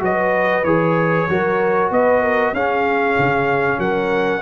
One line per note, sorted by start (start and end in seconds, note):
0.00 0.64 F#3
0.00 0.63 F#4
0.00 1.30 B4
0.00 0.64 D#5
0.64 1.27 E3
0.64 1.29 G#4
0.64 1.91 C#5
1.29 1.91 F#3
1.29 2.56 F#4
1.29 1.92 A#4
1.91 2.53 B3
1.91 2.22 B4
1.91 2.55 D#5
2.22 2.54 A#4
2.53 3.16 C#4
2.53 4.42 C#4
2.53 3.79 G#4
2.53 3.80 F5
3.19 3.79 C#3
3.79 4.42 F#3
3.79 4.42 A#4
3.79 4.42 F#5